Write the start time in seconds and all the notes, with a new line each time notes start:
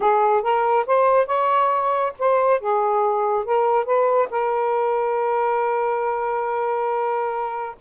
0.00 G#4
0.42 A#4
0.86 C5
1.26 C#5
2.18 C5
2.60 G#4
3.44 A#4
3.85 B4
4.30 A#4